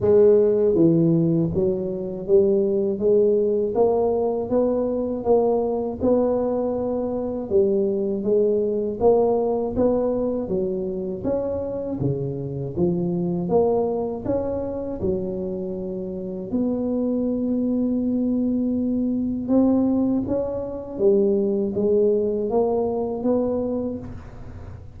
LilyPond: \new Staff \with { instrumentName = "tuba" } { \time 4/4 \tempo 4 = 80 gis4 e4 fis4 g4 | gis4 ais4 b4 ais4 | b2 g4 gis4 | ais4 b4 fis4 cis'4 |
cis4 f4 ais4 cis'4 | fis2 b2~ | b2 c'4 cis'4 | g4 gis4 ais4 b4 | }